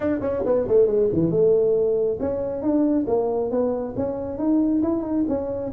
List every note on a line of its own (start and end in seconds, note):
0.00 0.19 D4
0.21 0.43 C#4
0.45 0.67 B3
0.67 0.87 A3
0.87 1.08 G#3
1.12 1.30 E3
1.30 2.18 A3
2.19 2.62 C#4
2.62 3.05 D4
3.07 3.50 A#3
3.50 3.94 B3
3.96 4.38 C#4
4.38 4.81 D#4
4.82 5.02 E4
5.02 5.24 D#4
5.28 5.72 C#4